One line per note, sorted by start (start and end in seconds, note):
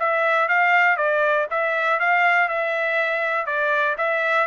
0.00 0.49 E5
0.49 0.97 F5
0.97 1.47 D5
1.51 2.00 E5
2.00 2.49 F5
2.49 3.46 E5
3.46 3.96 D5
3.98 4.47 E5